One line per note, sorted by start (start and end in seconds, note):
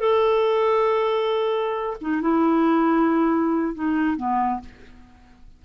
0.00 1.97 A4
2.01 2.22 D#4
2.22 3.75 E4
3.75 4.16 D#4
4.16 4.60 B3